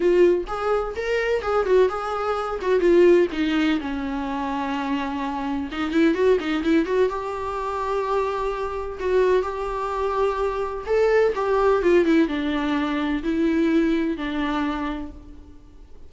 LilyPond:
\new Staff \with { instrumentName = "viola" } { \time 4/4 \tempo 4 = 127 f'4 gis'4 ais'4 gis'8 fis'8 | gis'4. fis'8 f'4 dis'4 | cis'1 | dis'8 e'8 fis'8 dis'8 e'8 fis'8 g'4~ |
g'2. fis'4 | g'2. a'4 | g'4 f'8 e'8 d'2 | e'2 d'2 | }